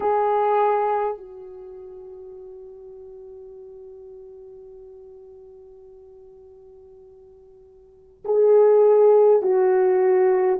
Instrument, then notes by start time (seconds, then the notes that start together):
horn
0.00 G#4
1.17 F#4
8.24 G#4
9.41 F#4